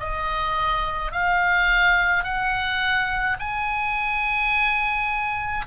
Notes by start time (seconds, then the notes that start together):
0.00 D#5
1.12 F5
2.24 F#5
3.40 G#5